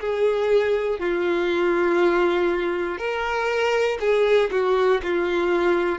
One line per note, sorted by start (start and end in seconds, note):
0.00 1.00 G#4
1.00 2.98 F4
2.98 3.98 A#4
4.00 4.50 G#4
4.51 5.01 F#4
5.03 5.99 F4